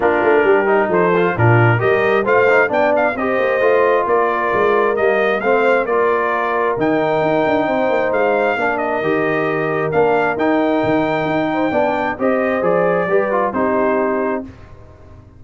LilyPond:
<<
  \new Staff \with { instrumentName = "trumpet" } { \time 4/4 \tempo 4 = 133 ais'2 c''4 ais'4 | dis''4 f''4 g''8 f''8 dis''4~ | dis''4 d''2 dis''4 | f''4 d''2 g''4~ |
g''2 f''4. dis''8~ | dis''2 f''4 g''4~ | g''2. dis''4 | d''2 c''2 | }
  \new Staff \with { instrumentName = "horn" } { \time 4/4 f'4 g'4 a'4 f'4 | ais'4 c''4 d''4 c''4~ | c''4 ais'2. | c''4 ais'2.~ |
ais'4 c''2 ais'4~ | ais'1~ | ais'4. c''8 d''4 c''4~ | c''4 b'4 g'2 | }
  \new Staff \with { instrumentName = "trombone" } { \time 4/4 d'4. dis'4 f'8 d'4 | g'4 f'8 dis'8 d'4 g'4 | f'2. ais4 | c'4 f'2 dis'4~ |
dis'2. d'4 | g'2 d'4 dis'4~ | dis'2 d'4 g'4 | gis'4 g'8 f'8 dis'2 | }
  \new Staff \with { instrumentName = "tuba" } { \time 4/4 ais8 a8 g4 f4 ais,4 | g4 a4 b4 c'8 ais8 | a4 ais4 gis4 g4 | a4 ais2 dis4 |
dis'8 d'8 c'8 ais8 gis4 ais4 | dis2 ais4 dis'4 | dis4 dis'4 b4 c'4 | f4 g4 c'2 | }
>>